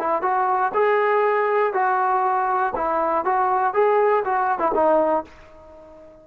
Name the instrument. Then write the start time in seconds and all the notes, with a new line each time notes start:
trombone
0.00 E4
0.22 F#4
0.75 G#4
1.73 F#4
2.76 E4
3.25 F#4
3.74 G#4
4.25 F#4
4.59 E4
4.75 D#4